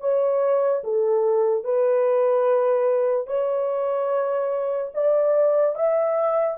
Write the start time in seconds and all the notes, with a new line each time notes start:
0.00 C#5
0.83 A4
1.64 B4
3.27 C#5
4.94 D5
5.75 E5